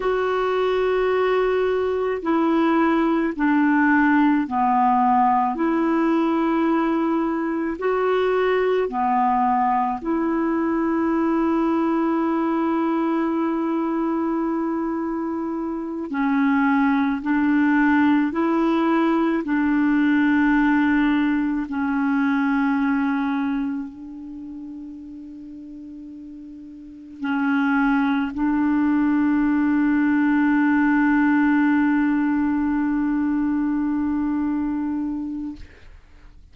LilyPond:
\new Staff \with { instrumentName = "clarinet" } { \time 4/4 \tempo 4 = 54 fis'2 e'4 d'4 | b4 e'2 fis'4 | b4 e'2.~ | e'2~ e'8 cis'4 d'8~ |
d'8 e'4 d'2 cis'8~ | cis'4. d'2~ d'8~ | d'8 cis'4 d'2~ d'8~ | d'1 | }